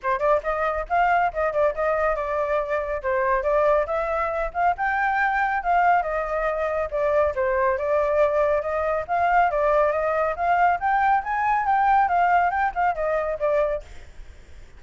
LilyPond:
\new Staff \with { instrumentName = "flute" } { \time 4/4 \tempo 4 = 139 c''8 d''8 dis''4 f''4 dis''8 d''8 | dis''4 d''2 c''4 | d''4 e''4. f''8 g''4~ | g''4 f''4 dis''2 |
d''4 c''4 d''2 | dis''4 f''4 d''4 dis''4 | f''4 g''4 gis''4 g''4 | f''4 g''8 f''8 dis''4 d''4 | }